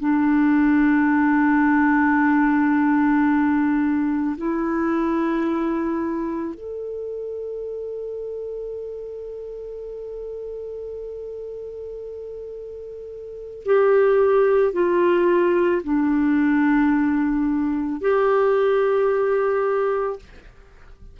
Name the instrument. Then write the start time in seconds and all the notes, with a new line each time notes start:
clarinet
0.00 D4
4.37 E4
6.55 A4
13.66 G4
14.73 F4
15.84 D4
18.01 G4